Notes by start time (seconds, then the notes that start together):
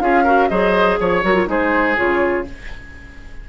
0.00 C#4 F4 G#4 F5
0.23 F#4 A#4
0.48 F#3 G#4 C5 D#5
0.99 F3 C#5
1.23 F#3 F#4 A#4
1.34 F4
1.46 G#3 D#4 G#4 C5
1.96 C#3 F4 C#5